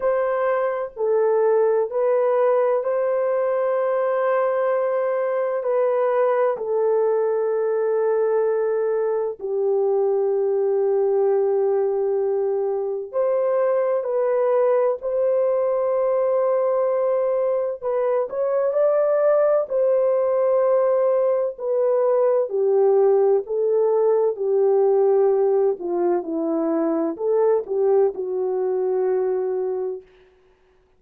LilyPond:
\new Staff \with { instrumentName = "horn" } { \time 4/4 \tempo 4 = 64 c''4 a'4 b'4 c''4~ | c''2 b'4 a'4~ | a'2 g'2~ | g'2 c''4 b'4 |
c''2. b'8 cis''8 | d''4 c''2 b'4 | g'4 a'4 g'4. f'8 | e'4 a'8 g'8 fis'2 | }